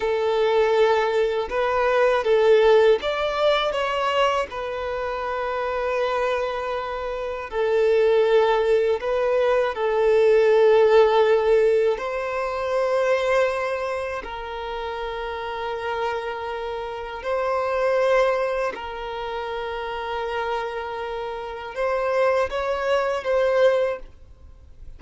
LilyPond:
\new Staff \with { instrumentName = "violin" } { \time 4/4 \tempo 4 = 80 a'2 b'4 a'4 | d''4 cis''4 b'2~ | b'2 a'2 | b'4 a'2. |
c''2. ais'4~ | ais'2. c''4~ | c''4 ais'2.~ | ais'4 c''4 cis''4 c''4 | }